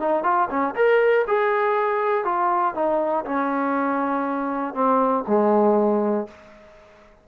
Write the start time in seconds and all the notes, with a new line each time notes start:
0.00 D#4
0.23 F4
0.50 C#4
0.75 A#4
1.27 G#4
2.25 F4
2.75 D#4
3.25 C#4
4.74 C4
5.27 G#3